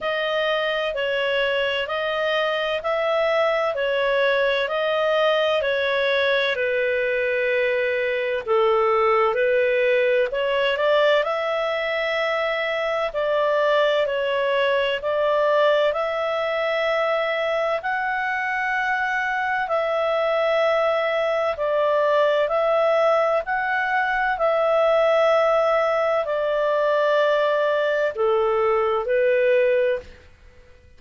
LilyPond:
\new Staff \with { instrumentName = "clarinet" } { \time 4/4 \tempo 4 = 64 dis''4 cis''4 dis''4 e''4 | cis''4 dis''4 cis''4 b'4~ | b'4 a'4 b'4 cis''8 d''8 | e''2 d''4 cis''4 |
d''4 e''2 fis''4~ | fis''4 e''2 d''4 | e''4 fis''4 e''2 | d''2 a'4 b'4 | }